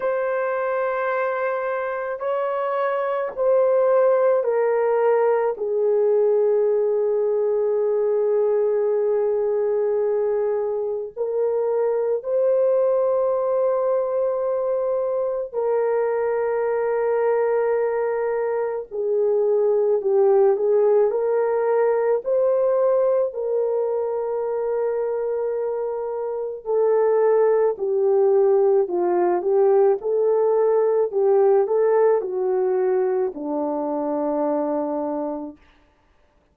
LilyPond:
\new Staff \with { instrumentName = "horn" } { \time 4/4 \tempo 4 = 54 c''2 cis''4 c''4 | ais'4 gis'2.~ | gis'2 ais'4 c''4~ | c''2 ais'2~ |
ais'4 gis'4 g'8 gis'8 ais'4 | c''4 ais'2. | a'4 g'4 f'8 g'8 a'4 | g'8 a'8 fis'4 d'2 | }